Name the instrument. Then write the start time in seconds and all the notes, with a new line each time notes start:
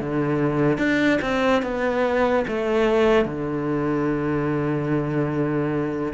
cello
0.00 D3
0.78 D4
1.21 C4
1.63 B3
2.47 A3
3.25 D3